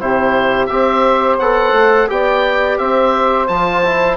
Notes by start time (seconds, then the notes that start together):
0.00 C3 E4 G4 C5
0.66 C4 G4 C5 E5
1.38 B3 A4 F#5
1.71 A3
2.08 B3 G4 D5 G5
2.78 C4 C5 E5
3.47 F3 F4 A5
3.84 E4